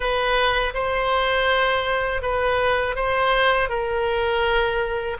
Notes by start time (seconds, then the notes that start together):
0.00 B4
0.74 C5
2.22 B4
2.95 C5
3.69 A#4